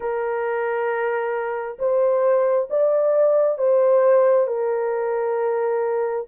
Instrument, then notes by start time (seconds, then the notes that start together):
horn
0.00 A#4
1.78 C5
2.69 D5
3.58 C5
4.47 A#4